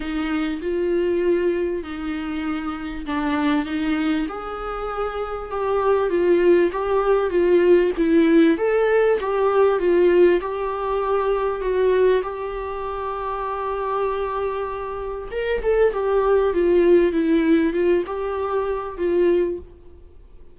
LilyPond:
\new Staff \with { instrumentName = "viola" } { \time 4/4 \tempo 4 = 98 dis'4 f'2 dis'4~ | dis'4 d'4 dis'4 gis'4~ | gis'4 g'4 f'4 g'4 | f'4 e'4 a'4 g'4 |
f'4 g'2 fis'4 | g'1~ | g'4 ais'8 a'8 g'4 f'4 | e'4 f'8 g'4. f'4 | }